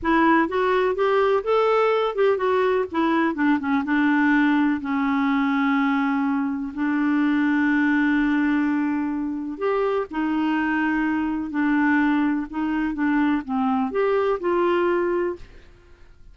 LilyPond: \new Staff \with { instrumentName = "clarinet" } { \time 4/4 \tempo 4 = 125 e'4 fis'4 g'4 a'4~ | a'8 g'8 fis'4 e'4 d'8 cis'8 | d'2 cis'2~ | cis'2 d'2~ |
d'1 | g'4 dis'2. | d'2 dis'4 d'4 | c'4 g'4 f'2 | }